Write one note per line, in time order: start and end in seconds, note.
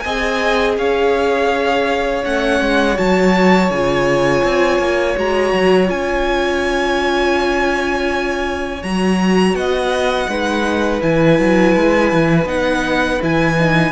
0.00 0.77 C4
0.00 0.78 D#5
0.00 0.73 G#5
0.06 2.24 G#4
0.77 2.24 C#4
0.77 9.57 C#5
0.77 2.25 F5
2.24 2.61 A3
2.24 2.95 C#4
2.24 2.98 F#5
2.61 2.98 G#3
2.95 3.70 F#3
2.95 3.68 F#4
2.95 3.71 A5
3.70 4.43 C#3
3.70 5.17 F4
3.70 5.18 G#5
4.44 4.79 C4
4.79 5.16 A#3
5.17 5.54 G#3
5.17 5.87 F#4
5.17 5.90 A#5
5.54 5.90 F#3
5.87 8.83 C#4
5.87 8.79 F4
5.87 8.83 G#5
8.83 9.54 F#3
8.83 10.30 F#4
8.83 9.55 A#5
9.54 10.27 B3
9.54 10.30 D#5
9.54 11.02 F#5
10.29 11.02 G#3
10.29 11.01 D#4
10.29 13.92 B4
11.01 11.39 E3
11.01 12.46 E4
11.01 12.48 G#5
11.40 11.76 F#3
11.76 12.13 G#3
12.13 12.46 E3
12.46 13.19 B3
12.46 13.19 D#4
12.46 13.22 F#5
13.21 13.92 E3
13.21 13.58 E4
13.21 13.92 G#5
13.58 13.92 D#4